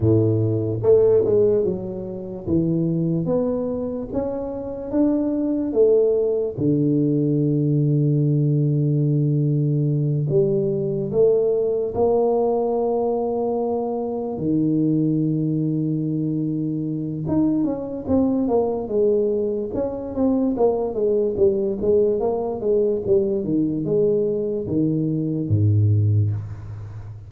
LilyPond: \new Staff \with { instrumentName = "tuba" } { \time 4/4 \tempo 4 = 73 a,4 a8 gis8 fis4 e4 | b4 cis'4 d'4 a4 | d1~ | d8 g4 a4 ais4.~ |
ais4. dis2~ dis8~ | dis4 dis'8 cis'8 c'8 ais8 gis4 | cis'8 c'8 ais8 gis8 g8 gis8 ais8 gis8 | g8 dis8 gis4 dis4 gis,4 | }